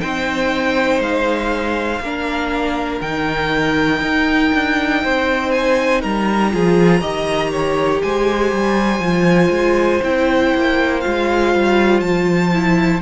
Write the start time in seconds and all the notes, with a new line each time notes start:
0.00 C4 D#4 C5 G5
0.99 G#3 F5
2.00 A#3 D4 A#4
3.01 D#3 D#4 G5
4.01 D#4
4.54 D4
5.03 C4 C5
5.51 G#5
6.01 G3 A#4 A#5
6.51 F3 F4 G#4
7.01 D#3 G4 D#5
7.51 C#5
8.02 G#3 C5 G#5
8.52 G3
8.99 F3 F4
9.50 G#3
10.03 C4 E4 G5
10.55 A#3
11.00 G#3 F4 F5
11.54 G3
12.00 F3 A5
12.52 E4